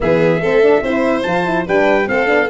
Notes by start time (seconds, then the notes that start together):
0.00 E3 B3 G#4 E5
0.40 A3 C4 A4
0.62 D4
0.82 C4 E4 C5
1.22 F3 F4 A5
1.45 E4
1.66 G3 D4 B4 G5
2.06 A3 C4 A4 F5
2.26 B3 D4